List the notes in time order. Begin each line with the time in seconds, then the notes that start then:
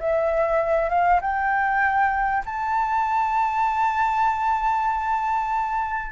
0.00 E5
0.90 F5
1.21 G5
2.45 A5